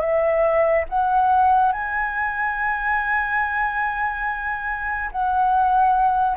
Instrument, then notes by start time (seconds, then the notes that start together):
flute
0.00 E5
0.89 F#5
1.72 G#5
5.12 F#5